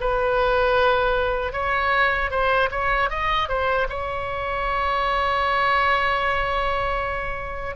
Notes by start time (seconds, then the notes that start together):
0.00 B4
1.52 C#5
2.31 C5
2.71 C#5
3.10 D#5
3.49 C5
3.89 C#5